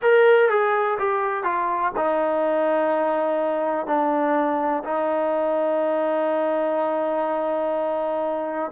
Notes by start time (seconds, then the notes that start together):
0.01 A#4
0.49 G#4
0.99 G4
1.43 F4
1.96 D#4
3.86 D4
4.84 D#4